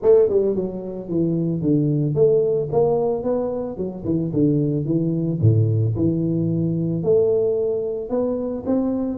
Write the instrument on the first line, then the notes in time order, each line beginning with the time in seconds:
tuba
0.02 A3
0.29 G3
0.55 F#3
1.09 E3
1.61 D3
2.14 A3
2.71 A#3
3.23 B3
3.77 F#3
4.04 E3
4.33 D3
4.85 E3
5.41 A2
5.96 E3
7.03 A3
8.09 B3
8.66 C4